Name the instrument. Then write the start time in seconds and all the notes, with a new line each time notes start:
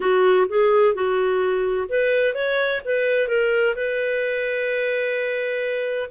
clarinet
0.00 F#4
0.48 G#4
0.94 F#4
1.88 B4
2.34 C#5
2.85 B4
3.28 A#4
3.75 B4